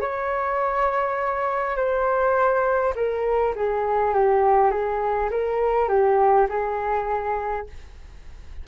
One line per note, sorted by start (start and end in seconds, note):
0.00 1.76 C#5
1.76 2.94 C5
2.95 3.54 A#4
3.55 4.14 G#4
4.14 4.71 G4
4.71 5.29 G#4
5.30 5.88 A#4
5.88 6.47 G4
6.49 7.66 G#4